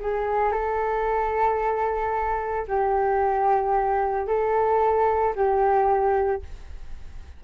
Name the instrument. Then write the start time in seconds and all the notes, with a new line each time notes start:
flute
0.00 G#4
0.52 A4
2.68 G4
4.27 A4
5.35 G4